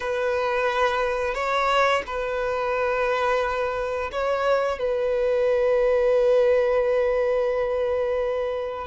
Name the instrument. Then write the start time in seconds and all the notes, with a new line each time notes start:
violin
0.00 B4
1.34 C#5
2.06 B4
4.12 C#5
4.78 B4